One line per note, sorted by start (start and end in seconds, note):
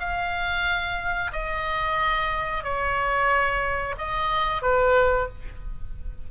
0.00 1.32 F5
1.33 2.64 D#5
2.64 3.96 C#5
3.98 4.62 D#5
4.62 5.28 B4